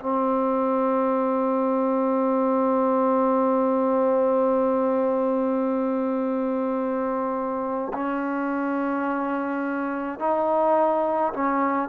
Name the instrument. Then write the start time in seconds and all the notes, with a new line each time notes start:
trombone
0.00 C4
7.93 C#4
10.19 D#4
11.33 C#4